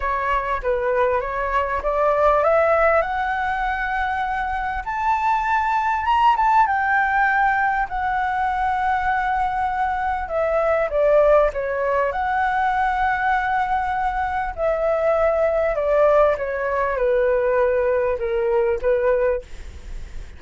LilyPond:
\new Staff \with { instrumentName = "flute" } { \time 4/4 \tempo 4 = 99 cis''4 b'4 cis''4 d''4 | e''4 fis''2. | a''2 ais''8 a''8 g''4~ | g''4 fis''2.~ |
fis''4 e''4 d''4 cis''4 | fis''1 | e''2 d''4 cis''4 | b'2 ais'4 b'4 | }